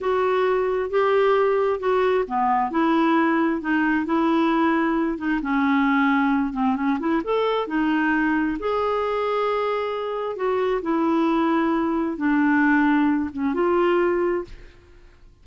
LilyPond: \new Staff \with { instrumentName = "clarinet" } { \time 4/4 \tempo 4 = 133 fis'2 g'2 | fis'4 b4 e'2 | dis'4 e'2~ e'8 dis'8 | cis'2~ cis'8 c'8 cis'8 e'8 |
a'4 dis'2 gis'4~ | gis'2. fis'4 | e'2. d'4~ | d'4. cis'8 f'2 | }